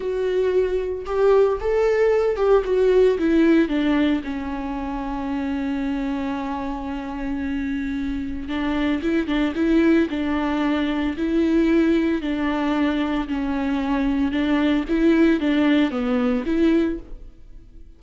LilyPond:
\new Staff \with { instrumentName = "viola" } { \time 4/4 \tempo 4 = 113 fis'2 g'4 a'4~ | a'8 g'8 fis'4 e'4 d'4 | cis'1~ | cis'1 |
d'4 e'8 d'8 e'4 d'4~ | d'4 e'2 d'4~ | d'4 cis'2 d'4 | e'4 d'4 b4 e'4 | }